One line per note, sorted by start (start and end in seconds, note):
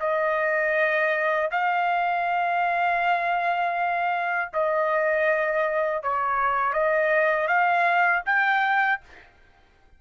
0.00 1.50 D#5
1.51 4.51 F5
4.53 6.03 D#5
6.03 6.73 C#5
6.73 7.48 D#5
7.48 8.23 F5
8.26 9.01 G5